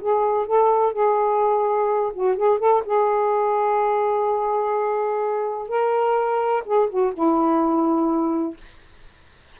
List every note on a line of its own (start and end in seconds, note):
0.00 0.46 G#4
0.46 0.92 A4
0.92 2.11 G#4
2.13 2.36 F#4
2.36 2.58 G#4
2.58 2.82 A4
2.85 5.68 G#4
5.68 6.63 A#4
6.65 6.89 G#4
6.89 7.13 F#4
7.14 8.56 E4